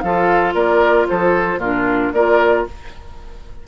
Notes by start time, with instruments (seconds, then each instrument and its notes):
0.00 bassoon F3, clarinet F4, oboe A4, flute F5
0.54 bassoon A#3, oboe A#4, flute D5
1.08 bassoon F3, oboe A4, flute C5
1.57 bassoon A#2, clarinet D4, oboe F4, flute A#4
2.13 bassoon A#3, clarinet F4, oboe A#4, flute D5